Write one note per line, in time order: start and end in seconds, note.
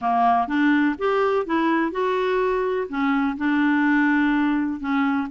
0.01 0.47 A#3
0.47 0.95 D4
0.98 1.46 G4
1.46 1.91 E4
1.91 2.87 F#4
2.88 3.36 C#4
3.37 4.79 D4
4.79 5.27 C#4